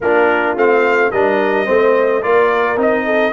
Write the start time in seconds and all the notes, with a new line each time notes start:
0.01 A#3 D4 F4 A#4
0.56 A3 C4 F5
1.10 G3 D4 A#4 D#5
1.66 A3 C4 C5
2.22 A#3 F4 A#4 D5
2.76 C4 D#4 D#5
3.05 A4